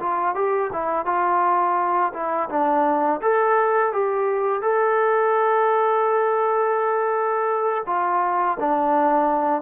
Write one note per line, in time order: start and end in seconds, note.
0.00 0.35 F4
0.35 0.71 G4
0.73 1.06 E4
1.06 2.13 F4
2.14 2.50 E4
2.50 3.21 D4
3.22 3.93 A4
3.93 4.62 G4
4.62 7.84 A4
7.87 8.58 F4
8.60 9.62 D4